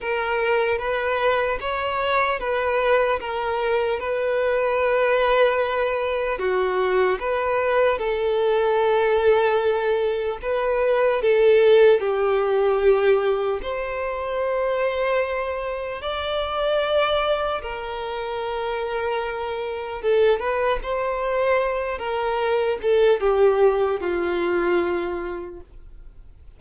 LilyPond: \new Staff \with { instrumentName = "violin" } { \time 4/4 \tempo 4 = 75 ais'4 b'4 cis''4 b'4 | ais'4 b'2. | fis'4 b'4 a'2~ | a'4 b'4 a'4 g'4~ |
g'4 c''2. | d''2 ais'2~ | ais'4 a'8 b'8 c''4. ais'8~ | ais'8 a'8 g'4 f'2 | }